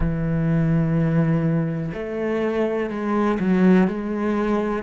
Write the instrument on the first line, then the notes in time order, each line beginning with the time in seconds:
cello
0.00 E3
1.93 A3
2.90 G#3
3.39 F#3
3.87 G#3